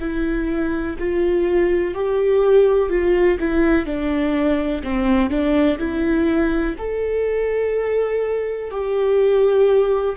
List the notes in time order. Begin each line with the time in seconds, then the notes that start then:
0.00 E4
0.99 F4
1.94 G4
2.89 F4
3.40 E4
3.85 D4
4.83 C4
5.30 D4
5.78 E4
6.78 A4
8.71 G4